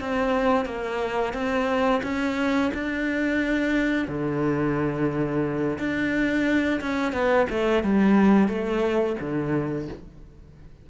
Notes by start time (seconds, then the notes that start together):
0.00 C4
0.65 A#3
1.33 C4
2.03 C#4
2.74 D4
4.08 D3
5.78 D4
6.81 C#4
7.12 B3
7.50 A3
7.83 G3
8.48 A3
9.20 D3